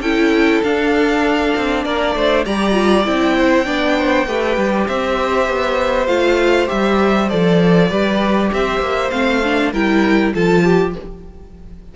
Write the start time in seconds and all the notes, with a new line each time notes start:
0.00 C#4 E4 A4 G5
0.62 D4 F5
1.56 C4
1.84 A#3 A#4 D5
2.15 A3 C5
2.45 G3 G4 D5 A#5
2.72 F4
3.04 C4 E4 G5
3.37 C5
3.65 B3 D4 D5
3.97 C5
4.27 A3 G4 B4
4.57 G3
4.87 C4 C5 E5
5.48 B3
6.06 A3 F4 F5
6.66 G3 G4 E5
7.29 F3 A4 D5
7.89 G3 G4 B4
8.53 C4 C5 E5
8.80 A#3
9.10 A3 C4 F5
9.43 D4
9.72 G3 E4 A#4 G5
10.33 F3 F4 A4 A5
10.64 G4